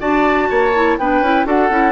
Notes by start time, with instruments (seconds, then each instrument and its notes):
0.00 bassoon D4, clarinet F#4, oboe D5, flute A5
0.50 bassoon A#3, oboe C#5
0.75 clarinet E4
0.98 bassoon B3, clarinet D4, oboe B4, flute G5
1.21 bassoon C#4, clarinet E4
1.46 bassoon D4, clarinet F#4, oboe A4, flute F#5
1.70 bassoon C#4, clarinet E4